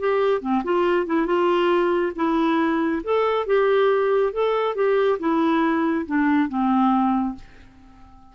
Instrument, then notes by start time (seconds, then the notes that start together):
clarinet
0.00 G4
0.42 C4
0.65 F4
1.07 E4
1.27 F4
2.16 E4
3.04 A4
3.47 G4
4.33 A4
4.76 G4
5.20 E4
6.06 D4
6.49 C4